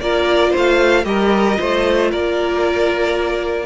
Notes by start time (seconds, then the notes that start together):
0.00 A#3 F4 A#4 D5
0.50 A3 C5
0.57 F5
1.04 G3 G4 A#4 D#5
1.55 A3 F4 C5
2.11 A#3 A#4 D5